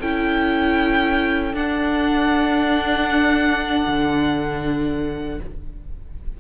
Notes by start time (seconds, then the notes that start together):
0.00 C#4 E4 A4 G5
1.54 D4 F#5
3.87 D3